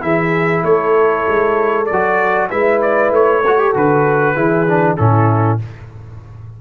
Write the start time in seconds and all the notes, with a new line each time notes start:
0.00 E3 E4 G#4 E5
0.64 A3 A4 C#5
1.28 G#3
1.86 F#3 D5
1.92 F#4
2.50 G#3 E4 B4 E5
2.82 D5
3.11 A3 C#5
3.45 F#4 A4
3.58 G4
3.73 D3 F#4 B4
4.35 E3 E4 G#4
4.67 D4
4.97 A2 C#4 E4 A4